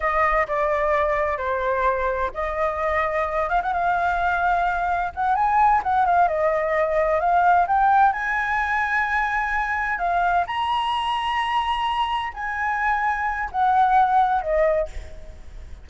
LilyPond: \new Staff \with { instrumentName = "flute" } { \time 4/4 \tempo 4 = 129 dis''4 d''2 c''4~ | c''4 dis''2~ dis''8 f''16 fis''16 | f''2. fis''8 gis''8~ | gis''8 fis''8 f''8 dis''2 f''8~ |
f''8 g''4 gis''2~ gis''8~ | gis''4. f''4 ais''4.~ | ais''2~ ais''8 gis''4.~ | gis''4 fis''2 dis''4 | }